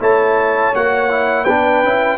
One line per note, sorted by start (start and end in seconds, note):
0.00 0.73 A3
0.00 0.74 E4
0.00 1.44 C#5
0.00 0.75 A5
0.74 1.48 A#3
0.74 1.10 F#4
0.74 1.45 F#5
1.10 1.46 E4
1.44 1.83 B3
1.44 1.84 D4
1.44 2.18 B4
1.44 2.18 G5
1.83 2.18 C#4
1.83 2.18 E4